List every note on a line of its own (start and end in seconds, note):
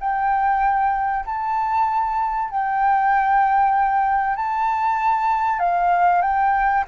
0.00 1.25 G5
1.26 2.50 A5
2.50 4.36 G5
4.36 5.59 A5
5.59 6.22 F5
6.22 6.84 G5